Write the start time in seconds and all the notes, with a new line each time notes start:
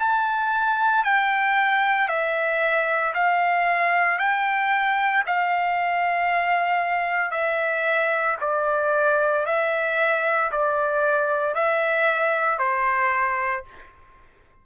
0.00 A5
1.04 G5
2.08 E5
3.14 F5
4.19 G5
5.27 F5
7.32 E5
8.41 D5
9.46 E5
10.52 D5
11.55 E5
12.59 C5